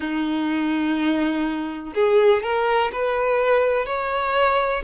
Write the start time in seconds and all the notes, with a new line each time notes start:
0.00 D#4
1.94 G#4
2.42 A#4
2.92 B4
3.86 C#5